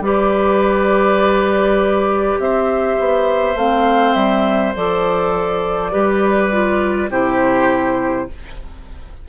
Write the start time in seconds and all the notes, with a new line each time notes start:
0.00 G3 G4 B4 D5
2.39 C4 C5 E5
2.99 B3
3.55 A3 C4 F5
4.14 G3 E5
4.76 F3 A4 D5
5.91 G3 G4 B4
6.51 F4
7.10 C3 E4 G4 C5